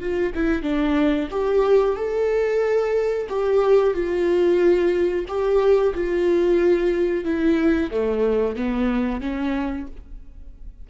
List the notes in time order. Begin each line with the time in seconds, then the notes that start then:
0.00 F4
0.35 E4
0.62 D4
1.31 G4
1.96 A4
3.29 G4
3.94 F4
5.28 G4
5.94 F4
7.25 E4
7.91 A3
8.56 B3
9.21 C#4